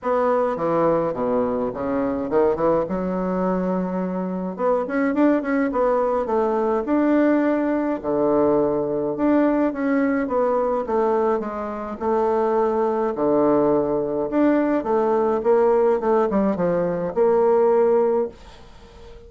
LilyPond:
\new Staff \with { instrumentName = "bassoon" } { \time 4/4 \tempo 4 = 105 b4 e4 b,4 cis4 | dis8 e8 fis2. | b8 cis'8 d'8 cis'8 b4 a4 | d'2 d2 |
d'4 cis'4 b4 a4 | gis4 a2 d4~ | d4 d'4 a4 ais4 | a8 g8 f4 ais2 | }